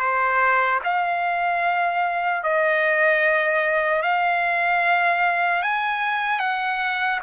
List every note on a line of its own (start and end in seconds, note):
0.00 0.80 C5
0.84 2.43 F5
2.43 4.03 D#5
4.03 5.63 F5
5.63 6.40 G#5
6.40 7.20 F#5